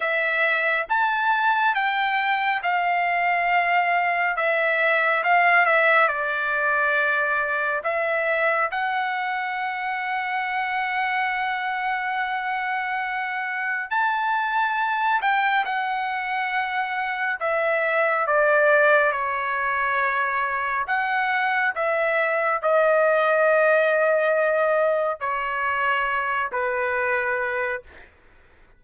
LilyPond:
\new Staff \with { instrumentName = "trumpet" } { \time 4/4 \tempo 4 = 69 e''4 a''4 g''4 f''4~ | f''4 e''4 f''8 e''8 d''4~ | d''4 e''4 fis''2~ | fis''1 |
a''4. g''8 fis''2 | e''4 d''4 cis''2 | fis''4 e''4 dis''2~ | dis''4 cis''4. b'4. | }